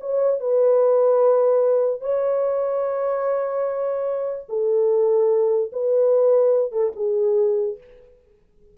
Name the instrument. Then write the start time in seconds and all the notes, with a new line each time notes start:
horn
0.00 C#5
0.40 B4
2.01 C#5
4.48 A4
5.72 B4
6.71 A4
6.96 G#4